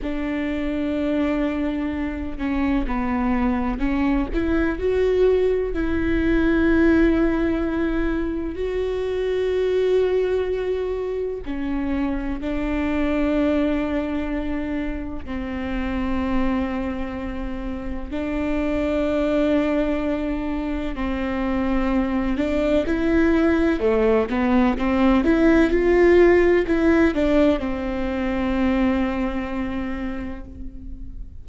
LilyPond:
\new Staff \with { instrumentName = "viola" } { \time 4/4 \tempo 4 = 63 d'2~ d'8 cis'8 b4 | cis'8 e'8 fis'4 e'2~ | e'4 fis'2. | cis'4 d'2. |
c'2. d'4~ | d'2 c'4. d'8 | e'4 a8 b8 c'8 e'8 f'4 | e'8 d'8 c'2. | }